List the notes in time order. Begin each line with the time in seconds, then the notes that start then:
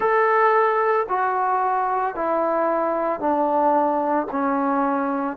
0.00 A4
1.08 F#4
2.15 E4
3.19 D4
4.31 C#4